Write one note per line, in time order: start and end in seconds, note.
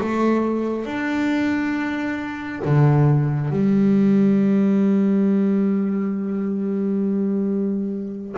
0.00 0.85 A3
0.85 2.61 D4
2.65 3.50 D3
3.50 8.35 G3